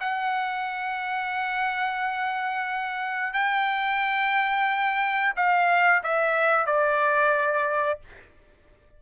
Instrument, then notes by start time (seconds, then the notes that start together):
trumpet
0.00 F#5
3.33 G5
5.36 F5
6.03 E5
6.66 D5